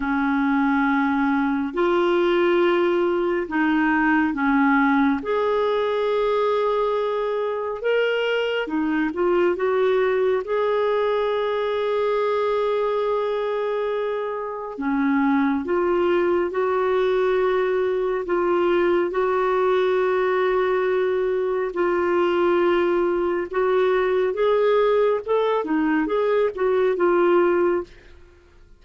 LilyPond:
\new Staff \with { instrumentName = "clarinet" } { \time 4/4 \tempo 4 = 69 cis'2 f'2 | dis'4 cis'4 gis'2~ | gis'4 ais'4 dis'8 f'8 fis'4 | gis'1~ |
gis'4 cis'4 f'4 fis'4~ | fis'4 f'4 fis'2~ | fis'4 f'2 fis'4 | gis'4 a'8 dis'8 gis'8 fis'8 f'4 | }